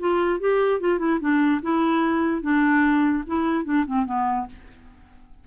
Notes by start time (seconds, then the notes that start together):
0.00 F4
0.40 G4
0.81 F4
0.99 E4
1.21 D4
1.63 E4
2.42 D4
3.27 E4
3.65 D4
3.87 C4
4.06 B3